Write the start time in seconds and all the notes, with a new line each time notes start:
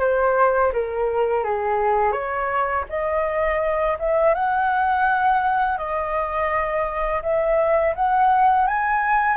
0.00 C5
0.73 A#4
1.45 G#4
2.13 C#5
2.90 D#5
4.00 E5
4.35 F#5
5.78 D#5
7.23 E5
7.96 F#5
8.67 G#5